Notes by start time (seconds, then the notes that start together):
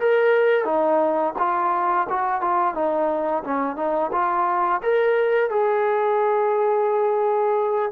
0.00 A#4
0.65 D#4
1.39 F4
2.09 F#4
2.41 F4
2.75 D#4
3.44 C#4
3.76 D#4
4.13 F4
4.83 A#4
5.50 G#4